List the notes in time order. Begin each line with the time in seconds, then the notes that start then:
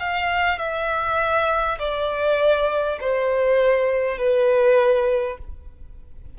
0.00 F5
0.59 E5
1.79 D5
3.01 C5
4.18 B4